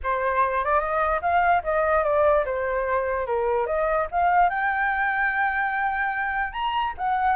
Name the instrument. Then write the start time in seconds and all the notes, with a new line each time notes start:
flute
0.03 C5
0.64 D5
0.79 D#5
1.21 F5
1.63 D#5
2.03 D5
2.45 C5
3.26 A#4
3.66 D#5
4.11 F5
4.49 G5
6.52 A#5
6.97 F#5